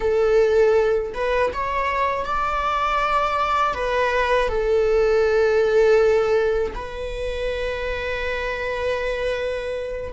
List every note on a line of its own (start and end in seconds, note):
0.00 1.12 A4
1.14 1.51 B4
1.53 2.25 C#5
2.25 3.73 D5
3.73 4.48 B4
4.48 6.73 A4
6.74 10.12 B4